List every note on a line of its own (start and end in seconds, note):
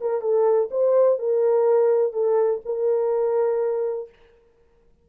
0.00 0.21 A#4
0.21 0.69 A4
0.70 1.18 C5
1.18 2.13 A#4
2.13 2.61 A4
2.65 4.09 A#4